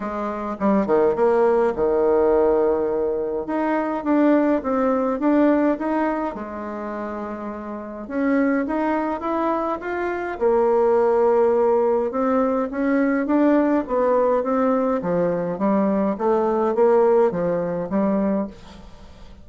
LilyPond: \new Staff \with { instrumentName = "bassoon" } { \time 4/4 \tempo 4 = 104 gis4 g8 dis8 ais4 dis4~ | dis2 dis'4 d'4 | c'4 d'4 dis'4 gis4~ | gis2 cis'4 dis'4 |
e'4 f'4 ais2~ | ais4 c'4 cis'4 d'4 | b4 c'4 f4 g4 | a4 ais4 f4 g4 | }